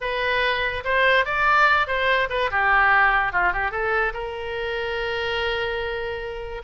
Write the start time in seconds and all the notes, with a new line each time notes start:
0.00 B4
0.84 C5
1.25 D5
1.87 C5
2.29 B4
2.50 G4
3.32 F4
3.53 G4
3.71 A4
4.13 A#4